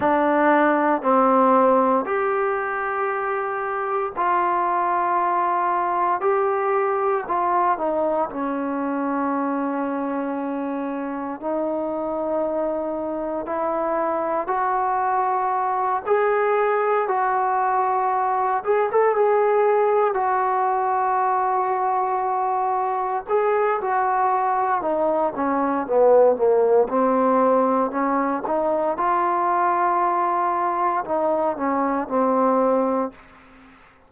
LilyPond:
\new Staff \with { instrumentName = "trombone" } { \time 4/4 \tempo 4 = 58 d'4 c'4 g'2 | f'2 g'4 f'8 dis'8 | cis'2. dis'4~ | dis'4 e'4 fis'4. gis'8~ |
gis'8 fis'4. gis'16 a'16 gis'4 fis'8~ | fis'2~ fis'8 gis'8 fis'4 | dis'8 cis'8 b8 ais8 c'4 cis'8 dis'8 | f'2 dis'8 cis'8 c'4 | }